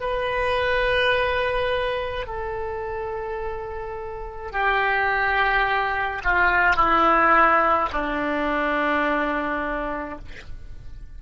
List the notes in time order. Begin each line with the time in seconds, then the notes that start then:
0.00 B4
2.26 A4
4.52 G4
6.24 F4
6.76 E4
7.92 D4